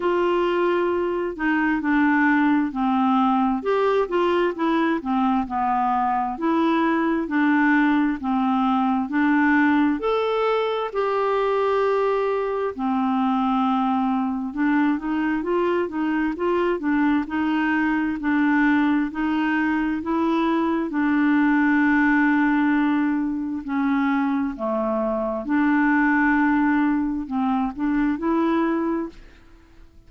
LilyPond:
\new Staff \with { instrumentName = "clarinet" } { \time 4/4 \tempo 4 = 66 f'4. dis'8 d'4 c'4 | g'8 f'8 e'8 c'8 b4 e'4 | d'4 c'4 d'4 a'4 | g'2 c'2 |
d'8 dis'8 f'8 dis'8 f'8 d'8 dis'4 | d'4 dis'4 e'4 d'4~ | d'2 cis'4 a4 | d'2 c'8 d'8 e'4 | }